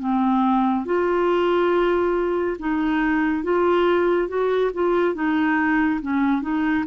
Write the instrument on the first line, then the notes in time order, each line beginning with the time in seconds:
clarinet
0.00 C4
0.86 F4
2.59 D#4
3.44 F4
4.29 F#4
4.74 F4
5.15 D#4
6.02 C#4
6.42 D#4